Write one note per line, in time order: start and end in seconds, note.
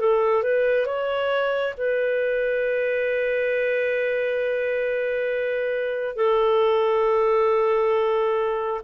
0.00 0.43 A4
0.43 0.86 B4
0.86 1.74 C#5
1.77 6.16 B4
6.16 8.81 A4